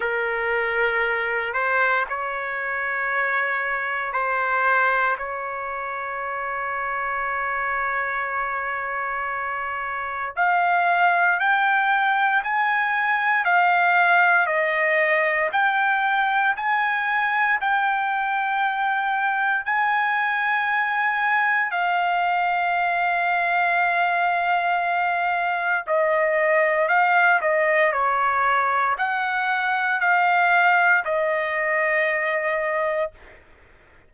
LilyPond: \new Staff \with { instrumentName = "trumpet" } { \time 4/4 \tempo 4 = 58 ais'4. c''8 cis''2 | c''4 cis''2.~ | cis''2 f''4 g''4 | gis''4 f''4 dis''4 g''4 |
gis''4 g''2 gis''4~ | gis''4 f''2.~ | f''4 dis''4 f''8 dis''8 cis''4 | fis''4 f''4 dis''2 | }